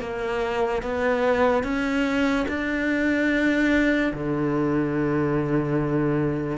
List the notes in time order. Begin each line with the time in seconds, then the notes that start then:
0.00 A#3
0.82 B3
1.63 C#4
2.48 D4
4.13 D3